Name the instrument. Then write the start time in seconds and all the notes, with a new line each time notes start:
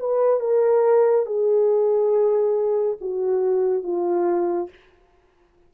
horn
0.00 B4
0.41 A#4
1.26 G#4
3.01 F#4
3.84 F4